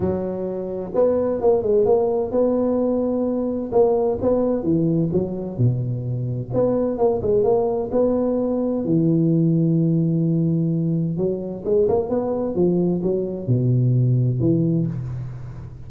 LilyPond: \new Staff \with { instrumentName = "tuba" } { \time 4/4 \tempo 4 = 129 fis2 b4 ais8 gis8 | ais4 b2. | ais4 b4 e4 fis4 | b,2 b4 ais8 gis8 |
ais4 b2 e4~ | e1 | fis4 gis8 ais8 b4 f4 | fis4 b,2 e4 | }